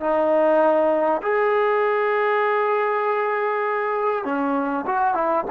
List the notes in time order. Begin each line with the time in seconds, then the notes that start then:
0.00 D#4
1.22 G#4
4.25 C#4
4.86 F#4
5.14 E4